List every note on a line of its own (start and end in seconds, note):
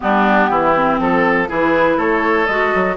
0.00 0.49 G3
0.00 0.73 B3
0.00 0.50 D4
0.00 0.99 G4
0.49 0.99 E3
0.49 1.00 E4
0.75 1.47 C4
0.99 1.48 F3
0.99 1.49 A4
0.99 1.48 A4
1.47 1.97 E3
1.47 2.46 E4
1.47 1.97 G#4
1.47 1.99 B4
1.97 2.46 A3
1.97 2.96 A4
1.97 2.46 C#5
2.46 2.72 G#3
2.46 2.96 F#4
2.46 2.96 D#5
2.74 2.96 F#3